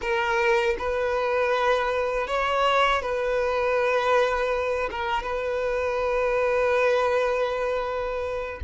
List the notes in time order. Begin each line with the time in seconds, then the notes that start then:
0.01 A#4
0.78 B4
2.27 C#5
3.02 B4
4.91 A#4
5.23 B4